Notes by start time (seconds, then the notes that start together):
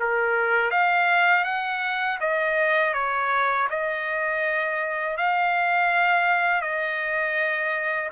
0.00 A#4
0.71 F5
1.44 F#5
2.20 D#5
2.94 C#5
3.70 D#5
5.18 F5
6.62 D#5